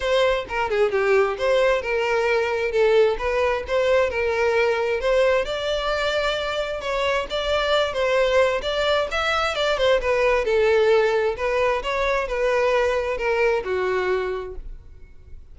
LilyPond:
\new Staff \with { instrumentName = "violin" } { \time 4/4 \tempo 4 = 132 c''4 ais'8 gis'8 g'4 c''4 | ais'2 a'4 b'4 | c''4 ais'2 c''4 | d''2. cis''4 |
d''4. c''4. d''4 | e''4 d''8 c''8 b'4 a'4~ | a'4 b'4 cis''4 b'4~ | b'4 ais'4 fis'2 | }